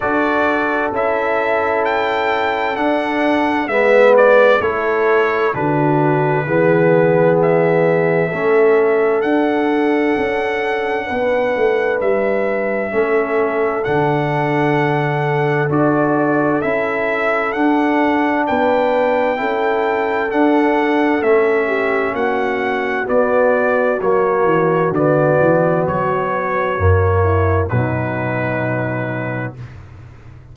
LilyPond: <<
  \new Staff \with { instrumentName = "trumpet" } { \time 4/4 \tempo 4 = 65 d''4 e''4 g''4 fis''4 | e''8 d''8 cis''4 b'2 | e''2 fis''2~ | fis''4 e''2 fis''4~ |
fis''4 d''4 e''4 fis''4 | g''2 fis''4 e''4 | fis''4 d''4 cis''4 d''4 | cis''2 b'2 | }
  \new Staff \with { instrumentName = "horn" } { \time 4/4 a'1 | b'4 a'4 fis'4 gis'4~ | gis'4 a'2. | b'2 a'2~ |
a'1 | b'4 a'2~ a'8 g'8 | fis'1~ | fis'4. e'8 dis'2 | }
  \new Staff \with { instrumentName = "trombone" } { \time 4/4 fis'4 e'2 d'4 | b4 e'4 d'4 b4~ | b4 cis'4 d'2~ | d'2 cis'4 d'4~ |
d'4 fis'4 e'4 d'4~ | d'4 e'4 d'4 cis'4~ | cis'4 b4 ais4 b4~ | b4 ais4 fis2 | }
  \new Staff \with { instrumentName = "tuba" } { \time 4/4 d'4 cis'2 d'4 | gis4 a4 d4 e4~ | e4 a4 d'4 cis'4 | b8 a8 g4 a4 d4~ |
d4 d'4 cis'4 d'4 | b4 cis'4 d'4 a4 | ais4 b4 fis8 e8 d8 e8 | fis4 fis,4 b,2 | }
>>